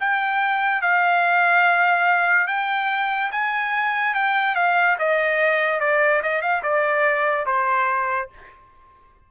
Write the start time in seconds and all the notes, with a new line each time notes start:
0.00 G5
0.82 F5
2.48 G5
3.32 G#5
4.15 G5
4.56 F5
4.99 D#5
5.80 D5
6.23 D#5
6.42 F5
6.63 D5
7.46 C5